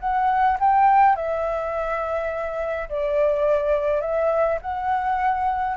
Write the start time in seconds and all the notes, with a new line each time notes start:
0.00 F#5
0.60 G5
1.16 E5
2.89 D5
4.01 E5
4.61 F#5